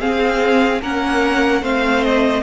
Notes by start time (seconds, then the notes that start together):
0.00 C4 G#4 F5
0.82 A#3 C#4 A#4 F#5
1.62 A3 C4 C5 F5
2.04 D#5